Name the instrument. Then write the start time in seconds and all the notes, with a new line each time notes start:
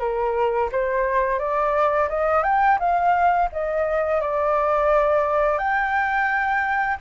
flute
0.00 A#4
0.72 C5
1.40 D5
2.09 D#5
2.44 G5
2.80 F5
3.53 D#5
4.21 D5
5.58 G5